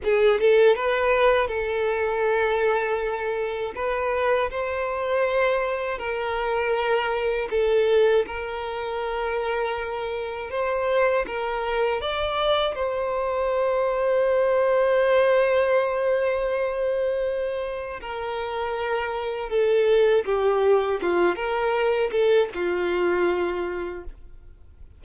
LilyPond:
\new Staff \with { instrumentName = "violin" } { \time 4/4 \tempo 4 = 80 gis'8 a'8 b'4 a'2~ | a'4 b'4 c''2 | ais'2 a'4 ais'4~ | ais'2 c''4 ais'4 |
d''4 c''2.~ | c''1 | ais'2 a'4 g'4 | f'8 ais'4 a'8 f'2 | }